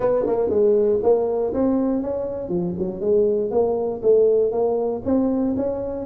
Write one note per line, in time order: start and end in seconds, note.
0.00 0.25 B3
0.26 0.49 A#3
0.49 0.99 G#3
1.02 1.53 A#3
1.53 2.02 C4
2.02 2.48 C#4
2.48 2.74 F3
2.78 3.00 F#3
3.00 3.50 G#3
3.50 4.01 A#3
4.02 4.51 A3
4.51 5.02 A#3
5.04 5.55 C4
5.56 6.05 C#4